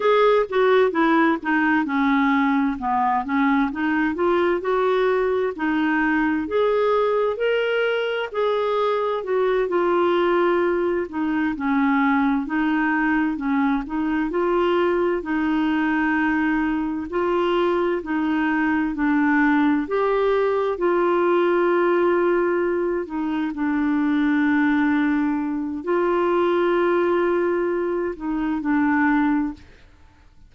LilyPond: \new Staff \with { instrumentName = "clarinet" } { \time 4/4 \tempo 4 = 65 gis'8 fis'8 e'8 dis'8 cis'4 b8 cis'8 | dis'8 f'8 fis'4 dis'4 gis'4 | ais'4 gis'4 fis'8 f'4. | dis'8 cis'4 dis'4 cis'8 dis'8 f'8~ |
f'8 dis'2 f'4 dis'8~ | dis'8 d'4 g'4 f'4.~ | f'4 dis'8 d'2~ d'8 | f'2~ f'8 dis'8 d'4 | }